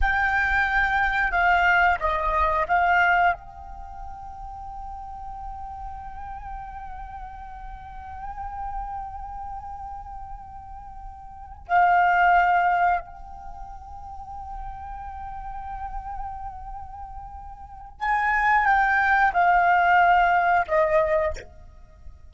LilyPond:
\new Staff \with { instrumentName = "flute" } { \time 4/4 \tempo 4 = 90 g''2 f''4 dis''4 | f''4 g''2.~ | g''1~ | g''1~ |
g''4. f''2 g''8~ | g''1~ | g''2. gis''4 | g''4 f''2 dis''4 | }